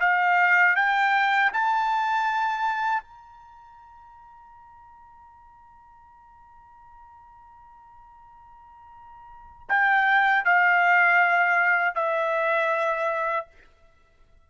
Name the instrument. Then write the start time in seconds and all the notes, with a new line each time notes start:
trumpet
0.00 F5
0.76 G5
1.53 A5
3.02 A#5
9.69 G5
10.44 F5
11.95 E5